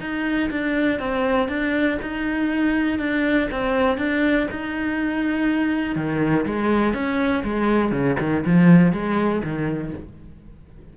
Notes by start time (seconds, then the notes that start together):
0.00 D#4
0.50 D4
0.99 C4
1.48 D4
2.02 D#4
2.99 D4
3.51 C4
3.97 D4
4.51 D#4
5.95 D#3
6.46 G#3
6.93 C#4
7.44 G#3
7.91 C#3
8.19 D#3
8.45 F3
8.92 G#3
9.43 D#3